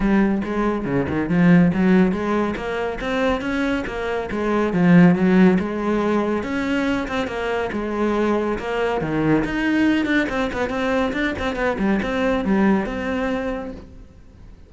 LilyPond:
\new Staff \with { instrumentName = "cello" } { \time 4/4 \tempo 4 = 140 g4 gis4 cis8 dis8 f4 | fis4 gis4 ais4 c'4 | cis'4 ais4 gis4 f4 | fis4 gis2 cis'4~ |
cis'8 c'8 ais4 gis2 | ais4 dis4 dis'4. d'8 | c'8 b8 c'4 d'8 c'8 b8 g8 | c'4 g4 c'2 | }